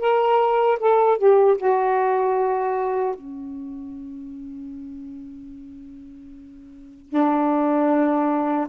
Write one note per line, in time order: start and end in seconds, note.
0.00 0.79 A#4
0.80 1.18 A4
1.18 1.58 G4
1.58 3.16 F#4
3.16 7.10 C#4
7.10 8.68 D4